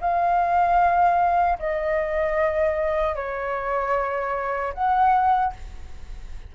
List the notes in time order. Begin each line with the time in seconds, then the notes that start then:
0.00 F5
1.59 D#5
3.15 C#5
4.74 F#5